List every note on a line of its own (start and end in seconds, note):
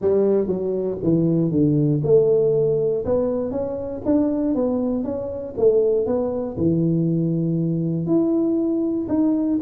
0.01 0.47 G3
0.47 0.97 F#3
1.03 1.51 E3
1.51 2.01 D3
2.03 3.04 A3
3.05 3.51 B3
3.51 4.01 C#4
4.05 4.54 D4
4.54 5.04 B3
5.04 5.54 C#4
5.57 6.06 A3
6.06 6.56 B3
6.57 8.06 E3
8.06 9.07 E4
9.08 9.59 D#4